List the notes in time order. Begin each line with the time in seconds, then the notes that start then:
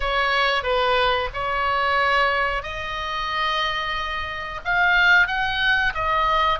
0.00 C#5
0.63 B4
1.33 C#5
2.63 D#5
4.65 F5
5.27 F#5
5.94 D#5